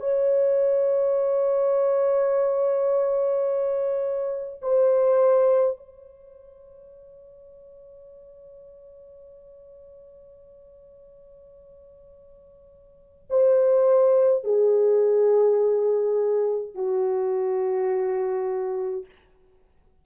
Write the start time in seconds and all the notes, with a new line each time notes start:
0.00 C#5
4.62 C5
5.77 C#5
13.30 C5
14.44 G#4
16.75 F#4